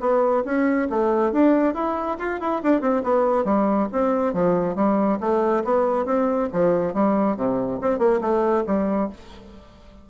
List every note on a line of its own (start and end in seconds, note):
0.00 0.43 B3
0.45 0.88 C#4
0.89 1.32 A3
1.32 1.74 D4
1.74 2.17 E4
2.18 2.40 F4
2.40 2.62 E4
2.63 2.81 D4
2.81 3.02 C4
3.03 3.44 B3
3.44 3.88 G3
3.92 4.33 C4
4.33 4.75 F3
4.75 5.18 G3
5.20 5.63 A3
5.64 6.05 B3
6.05 6.48 C4
6.52 6.94 F3
6.94 7.36 G3
7.36 7.80 C3
7.81 7.99 C4
7.99 8.20 A#3
8.21 8.64 A3
8.66 9.09 G3